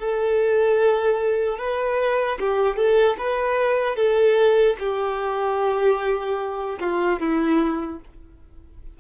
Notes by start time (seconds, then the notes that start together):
0.00 A4
1.59 B4
2.40 G4
2.77 A4
3.19 B4
3.96 A4
4.80 G4
6.80 F4
7.20 E4